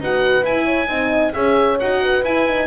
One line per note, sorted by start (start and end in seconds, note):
0.00 0.43 D#4
0.00 0.43 F#4
0.00 0.64 B4
0.00 0.45 F#5
0.43 0.88 E4
0.43 1.33 G#5
0.64 0.87 C#5
0.88 1.33 C4
0.88 1.33 D#4
0.88 1.33 D#5
1.33 1.80 C#4
1.33 1.78 G#4
1.33 2.02 C#5
1.33 1.78 E5
1.79 2.23 D#4
1.79 2.25 F#4
1.79 2.24 F#5
2.02 2.67 B4
2.23 2.67 E4
2.23 2.47 E4
2.23 2.67 G#5
2.47 2.67 D#4